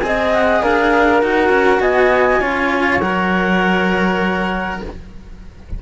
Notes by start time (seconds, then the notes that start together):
0.00 C4 G#4 D#5 G#5
0.33 F#5
0.62 D4 A#4 F5
1.21 D#4 F#4 F#5
1.49 C#4
1.79 B3 D#5 G#5
2.41 C#4 F4 C#5
3.01 F#3 A#4 F#5